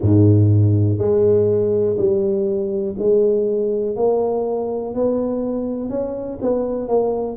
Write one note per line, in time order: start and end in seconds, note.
0.01 0.98 G#2
0.98 1.96 G#3
1.97 2.95 G3
2.98 3.96 G#3
3.96 4.94 A#3
4.94 5.89 B3
5.89 6.38 C#4
6.41 6.88 B3
6.88 7.37 A#3